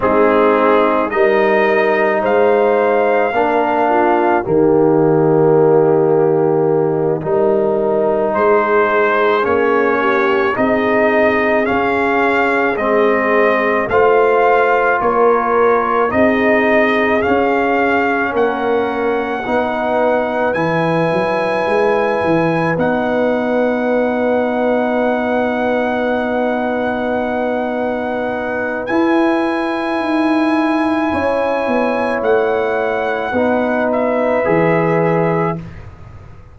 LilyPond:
<<
  \new Staff \with { instrumentName = "trumpet" } { \time 4/4 \tempo 4 = 54 gis'4 dis''4 f''2 | dis''2.~ dis''8 c''8~ | c''8 cis''4 dis''4 f''4 dis''8~ | dis''8 f''4 cis''4 dis''4 f''8~ |
f''8 fis''2 gis''4.~ | gis''8 fis''2.~ fis''8~ | fis''2 gis''2~ | gis''4 fis''4. e''4. | }
  \new Staff \with { instrumentName = "horn" } { \time 4/4 dis'4 ais'4 c''4 ais'8 f'8 | g'2~ g'8 ais'4 gis'8~ | gis'4 g'8 gis'2~ gis'8~ | gis'8 c''4 ais'4 gis'4.~ |
gis'8 ais'4 b'2~ b'8~ | b'1~ | b'1 | cis''2 b'2 | }
  \new Staff \with { instrumentName = "trombone" } { \time 4/4 c'4 dis'2 d'4 | ais2~ ais8 dis'4.~ | dis'8 cis'4 dis'4 cis'4 c'8~ | c'8 f'2 dis'4 cis'8~ |
cis'4. dis'4 e'4.~ | e'8 dis'2.~ dis'8~ | dis'2 e'2~ | e'2 dis'4 gis'4 | }
  \new Staff \with { instrumentName = "tuba" } { \time 4/4 gis4 g4 gis4 ais4 | dis2~ dis8 g4 gis8~ | gis8 ais4 c'4 cis'4 gis8~ | gis8 a4 ais4 c'4 cis'8~ |
cis'8 ais4 b4 e8 fis8 gis8 | e8 b2.~ b8~ | b2 e'4 dis'4 | cis'8 b8 a4 b4 e4 | }
>>